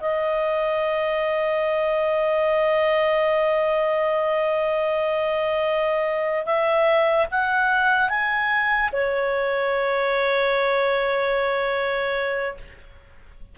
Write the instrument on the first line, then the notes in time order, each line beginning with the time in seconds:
clarinet
0.00 D#5
6.46 E5
7.31 F#5
8.09 G#5
8.92 C#5